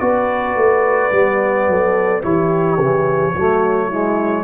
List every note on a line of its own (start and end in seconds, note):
0.00 0.56 B3
0.00 1.12 F#4
0.00 1.69 B4
0.00 2.22 D5
0.56 1.11 A3
1.12 1.67 G3
1.12 2.23 B3
1.67 2.23 F#3
1.67 2.24 A4
2.23 2.78 E3
2.23 2.78 E4
2.23 3.35 G4
2.23 4.44 C#5
2.78 3.34 C#3
2.78 3.36 E3
3.36 4.44 F#3
3.36 3.91 A3
3.36 3.88 F#4
3.88 4.44 G#3
3.88 4.44 E4